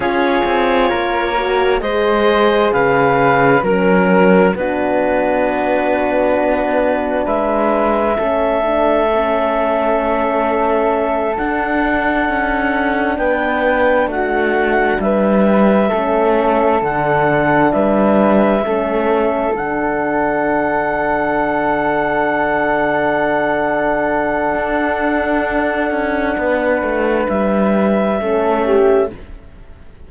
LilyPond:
<<
  \new Staff \with { instrumentName = "clarinet" } { \time 4/4 \tempo 4 = 66 cis''2 dis''4 f''4 | ais'4 b'2. | e''1~ | e''8 fis''2 g''4 fis''8~ |
fis''8 e''2 fis''4 e''8~ | e''4. fis''2~ fis''8~ | fis''1~ | fis''2 e''2 | }
  \new Staff \with { instrumentName = "flute" } { \time 4/4 gis'4 ais'4 c''4 b'4 | ais'4 fis'2. | b'4 a'2.~ | a'2~ a'8 b'4 fis'8~ |
fis'8 b'4 a'2 b'8~ | b'8 a'2.~ a'8~ | a'1~ | a'4 b'2 a'8 g'8 | }
  \new Staff \with { instrumentName = "horn" } { \time 4/4 f'4. fis'8 gis'2 | cis'4 d'2.~ | d'4 cis'8 d'8 cis'2~ | cis'8 d'2.~ d'8~ |
d'4. cis'4 d'4.~ | d'8 cis'4 d'2~ d'8~ | d'1~ | d'2. cis'4 | }
  \new Staff \with { instrumentName = "cello" } { \time 4/4 cis'8 c'8 ais4 gis4 cis4 | fis4 b2. | gis4 a2.~ | a8 d'4 cis'4 b4 a8~ |
a8 g4 a4 d4 g8~ | g8 a4 d2~ d8~ | d2. d'4~ | d'8 cis'8 b8 a8 g4 a4 | }
>>